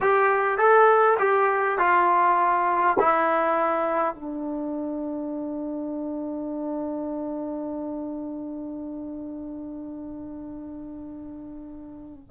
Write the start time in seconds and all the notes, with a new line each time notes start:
0.00 G4
0.58 A4
1.19 G4
1.78 F4
2.99 E4
4.14 D4